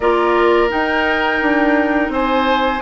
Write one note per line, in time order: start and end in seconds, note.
0.00 0.71 A#3
0.00 0.68 F4
0.00 2.12 A#4
0.00 0.70 D5
0.68 2.80 D#4
0.68 1.41 D#4
0.68 2.12 G5
1.41 2.09 D4
2.09 2.79 C4
2.09 2.81 C5
2.09 2.81 G#5